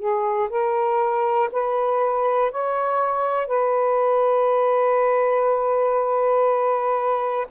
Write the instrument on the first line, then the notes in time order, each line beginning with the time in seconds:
saxophone
0.00 G#4
0.50 A#4
1.52 B4
2.52 C#5
3.48 B4